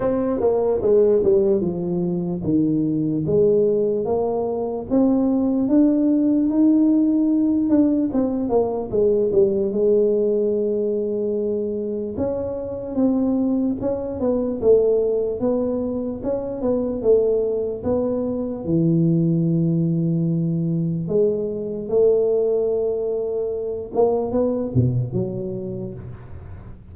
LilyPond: \new Staff \with { instrumentName = "tuba" } { \time 4/4 \tempo 4 = 74 c'8 ais8 gis8 g8 f4 dis4 | gis4 ais4 c'4 d'4 | dis'4. d'8 c'8 ais8 gis8 g8 | gis2. cis'4 |
c'4 cis'8 b8 a4 b4 | cis'8 b8 a4 b4 e4~ | e2 gis4 a4~ | a4. ais8 b8 b,8 fis4 | }